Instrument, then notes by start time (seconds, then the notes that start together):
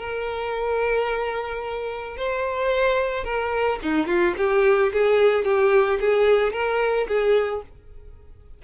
violin
0.00 A#4
2.18 C5
3.25 A#4
3.83 D#4
4.07 F4
4.38 G4
4.93 G#4
5.45 G4
6.01 G#4
6.53 A#4
7.08 G#4